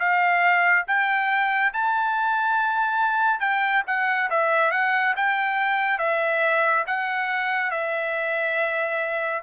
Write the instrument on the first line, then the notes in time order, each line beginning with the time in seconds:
trumpet
0.00 F5
0.87 G5
1.74 A5
3.41 G5
3.87 F#5
4.31 E5
4.72 F#5
5.17 G5
5.99 E5
6.87 F#5
7.71 E5